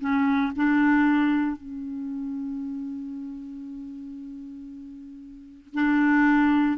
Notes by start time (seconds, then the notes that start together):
0.00 C#4
0.56 D4
1.57 C#4
5.74 D4